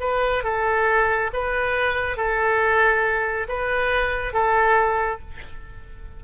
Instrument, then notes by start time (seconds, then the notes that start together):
oboe
0.00 B4
0.44 A4
1.33 B4
2.17 A4
3.48 B4
4.33 A4